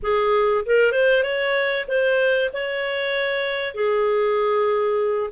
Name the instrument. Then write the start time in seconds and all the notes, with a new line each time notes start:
clarinet
0.02 G#4
0.65 A#4
0.92 C5
1.23 C#5
1.88 C5
2.53 C#5
3.74 G#4